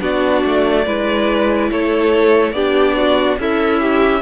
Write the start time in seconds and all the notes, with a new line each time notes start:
0.00 B3 D4 F#4 D5
0.46 A3
0.86 G#3 E4 B4
1.71 A3 A4 C#5
2.52 B3 D4 G4 D5
2.97 F#4
3.39 C#4 E4 A4 E5
3.80 G4